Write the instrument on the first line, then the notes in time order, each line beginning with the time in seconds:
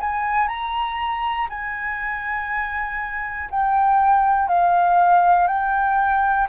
flute
0.00 G#5
0.48 A#5
1.49 G#5
3.50 G5
4.48 F5
5.47 G5